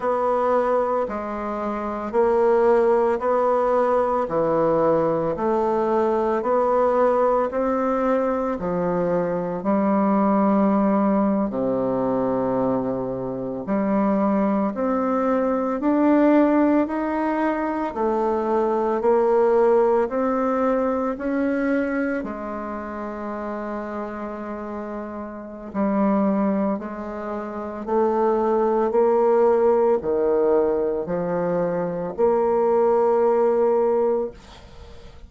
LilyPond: \new Staff \with { instrumentName = "bassoon" } { \time 4/4 \tempo 4 = 56 b4 gis4 ais4 b4 | e4 a4 b4 c'4 | f4 g4.~ g16 c4~ c16~ | c8. g4 c'4 d'4 dis'16~ |
dis'8. a4 ais4 c'4 cis'16~ | cis'8. gis2.~ gis16 | g4 gis4 a4 ais4 | dis4 f4 ais2 | }